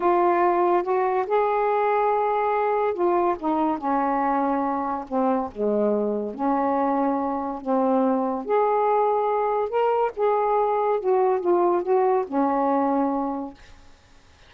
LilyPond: \new Staff \with { instrumentName = "saxophone" } { \time 4/4 \tempo 4 = 142 f'2 fis'4 gis'4~ | gis'2. f'4 | dis'4 cis'2. | c'4 gis2 cis'4~ |
cis'2 c'2 | gis'2. ais'4 | gis'2 fis'4 f'4 | fis'4 cis'2. | }